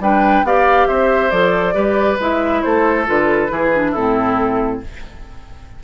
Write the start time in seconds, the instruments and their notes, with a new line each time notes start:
0.00 bassoon G3, clarinet D4, oboe B4, flute G5
0.43 bassoon B3, clarinet G4, oboe D5, flute F5
0.87 bassoon C4, oboe C5, flute E5
1.31 bassoon F3, clarinet A4, flute D5
1.74 bassoon G3, clarinet G4, oboe B4
2.20 bassoon G#3, clarinet E4, flute E5
2.62 bassoon A3, oboe A4, flute C5
3.06 bassoon D3, clarinet F4, flute B4
3.48 bassoon E3, clarinet E4, oboe G#4
3.75 clarinet D4
3.91 bassoon A2, clarinet C4, oboe E4, flute A4